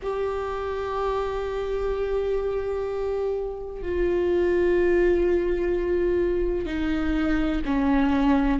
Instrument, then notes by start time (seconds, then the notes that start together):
viola
0.02 G4
3.82 F4
6.65 D#4
7.65 C#4